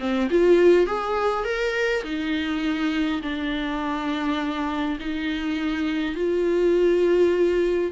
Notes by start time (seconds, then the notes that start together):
0.00 C4
0.31 F4
0.87 G#4
1.45 A#4
2.04 D#4
3.22 D4
5.00 D#4
6.16 F4